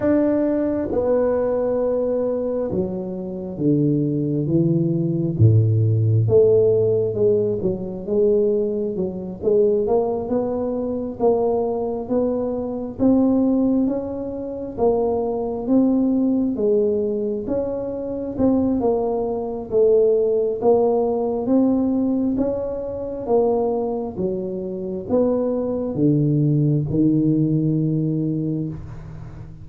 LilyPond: \new Staff \with { instrumentName = "tuba" } { \time 4/4 \tempo 4 = 67 d'4 b2 fis4 | d4 e4 a,4 a4 | gis8 fis8 gis4 fis8 gis8 ais8 b8~ | b8 ais4 b4 c'4 cis'8~ |
cis'8 ais4 c'4 gis4 cis'8~ | cis'8 c'8 ais4 a4 ais4 | c'4 cis'4 ais4 fis4 | b4 d4 dis2 | }